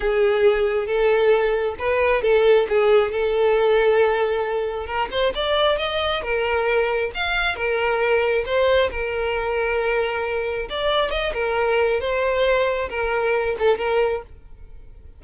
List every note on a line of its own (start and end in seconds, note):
0.00 0.86 G#4
0.86 1.75 A4
1.78 2.22 B4
2.22 2.66 A4
2.68 3.11 G#4
3.11 4.86 A4
4.86 5.08 A#4
5.11 5.33 C5
5.34 5.78 D5
5.78 6.22 D#5
6.22 7.11 A#4
7.14 7.55 F5
7.55 8.44 A#4
8.45 8.90 C5
8.90 10.68 A#4
10.69 11.10 D5
11.10 11.33 D#5
11.33 12.00 A#4
12.00 12.89 C5
12.89 13.56 A#4
13.58 13.78 A4
13.78 14.22 A#4